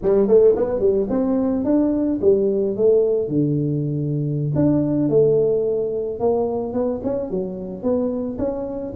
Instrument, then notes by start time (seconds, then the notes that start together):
tuba
0.02 G3
0.27 A3
0.56 B3
0.79 G3
1.09 C4
1.64 D4
2.21 G3
2.76 A3
3.28 D3
4.55 D4
5.09 A3
6.19 A#3
6.73 B3
7.03 C#4
7.30 F#3
7.82 B3
8.38 C#4